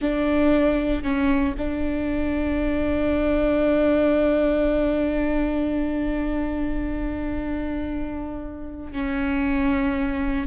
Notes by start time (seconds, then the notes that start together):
0.01 D4
1.03 C#4
1.57 D4
8.92 C#4